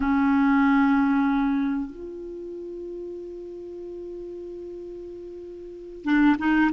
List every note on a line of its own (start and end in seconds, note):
0.00 1.90 C#4
1.90 6.04 F4
6.04 6.36 D4
6.38 6.70 D#4